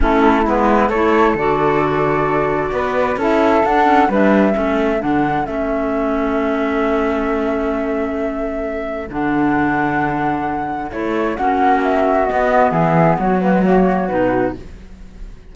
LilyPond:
<<
  \new Staff \with { instrumentName = "flute" } { \time 4/4 \tempo 4 = 132 a'4 b'4 cis''4 d''4~ | d''2. e''4 | fis''4 e''2 fis''4 | e''1~ |
e''1 | fis''1 | cis''4 fis''4 e''4 dis''4 | e''4 cis''8 b'8 cis''4 b'4 | }
  \new Staff \with { instrumentName = "flute" } { \time 4/4 e'2 a'2~ | a'2 b'4 a'4~ | a'4 b'4 a'2~ | a'1~ |
a'1~ | a'1~ | a'4 fis'2. | gis'4 fis'2. | }
  \new Staff \with { instrumentName = "clarinet" } { \time 4/4 cis'4 b4 e'4 fis'4~ | fis'2. e'4 | d'8 cis'8 d'4 cis'4 d'4 | cis'1~ |
cis'1 | d'1 | e'4 cis'2 b4~ | b4. ais16 gis16 ais4 dis'4 | }
  \new Staff \with { instrumentName = "cello" } { \time 4/4 a4 gis4 a4 d4~ | d2 b4 cis'4 | d'4 g4 a4 d4 | a1~ |
a1 | d1 | a4 ais2 b4 | e4 fis2 b,4 | }
>>